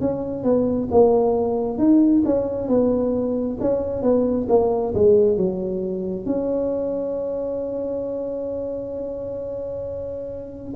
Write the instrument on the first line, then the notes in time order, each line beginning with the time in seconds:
tuba
0.00 C#4
0.44 B3
0.91 A#3
1.78 D#4
2.25 C#4
2.68 B3
3.60 C#4
4.02 B3
4.49 A#3
4.94 G#3
5.37 F#3
6.26 C#4